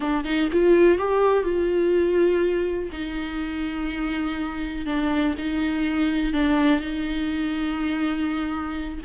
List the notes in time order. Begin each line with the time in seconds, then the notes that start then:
0.00 D4
0.24 D#4
0.52 F4
0.98 G4
1.43 F4
2.92 D#4
4.86 D4
5.38 D#4
6.33 D4
6.80 D#4